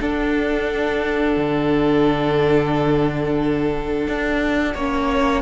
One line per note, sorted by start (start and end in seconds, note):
0.00 4.78 D4
0.00 1.37 D4
0.00 4.74 A4
0.00 5.42 F#5
1.37 4.08 D3
4.08 4.75 D4
4.74 5.42 A#3
4.74 5.42 C#4
4.74 5.42 C#5